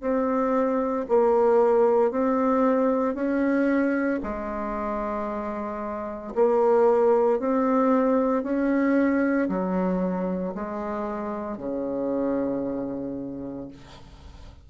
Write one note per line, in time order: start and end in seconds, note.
0.00 1.05 C4
1.08 2.11 A#3
2.11 3.14 C4
3.14 4.19 C#4
4.22 6.33 G#3
6.35 7.39 A#3
7.39 8.43 C4
8.43 9.48 C#4
9.48 10.54 F#3
10.54 11.57 G#3
11.57 13.67 C#3